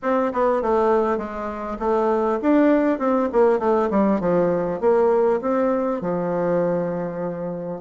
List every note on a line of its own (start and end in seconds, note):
0.02 0.32 C4
0.32 0.61 B3
0.61 1.17 A3
1.17 1.77 G#3
1.79 2.39 A3
2.42 2.98 D4
2.98 3.28 C4
3.32 3.59 A#3
3.59 3.89 A3
3.90 4.20 G3
4.20 4.80 F3
4.80 5.40 A#3
5.41 6.01 C4
6.01 7.80 F3